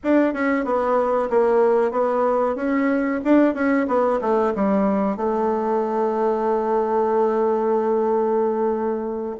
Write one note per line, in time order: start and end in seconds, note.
0.03 0.33 D4
0.33 0.65 C#4
0.65 1.29 B3
1.29 1.91 A#3
1.91 2.55 B3
2.55 3.20 C#4
3.24 3.54 D4
3.54 3.86 C#4
3.87 4.19 B3
4.21 4.53 A3
4.55 5.16 G3
5.16 9.36 A3